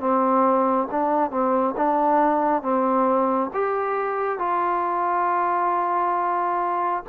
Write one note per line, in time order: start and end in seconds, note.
0.00 0.88 C4
0.91 1.31 D4
1.31 1.75 C4
1.77 2.63 D4
2.63 3.51 C4
3.54 4.39 G4
4.39 7.04 F4